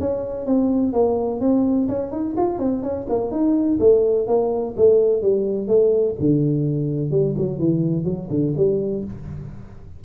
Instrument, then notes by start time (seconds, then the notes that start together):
tuba
0.00 C#4
0.46 C4
0.93 A#3
1.40 C4
1.88 C#4
2.12 D#4
2.37 F4
2.59 C4
2.83 C#4
3.09 A#3
3.31 D#4
3.80 A3
4.27 A#3
4.77 A3
5.22 G3
5.68 A3
6.20 D3
7.11 G3
7.38 F#3
7.59 E3
8.05 F#3
8.30 D3
8.57 G3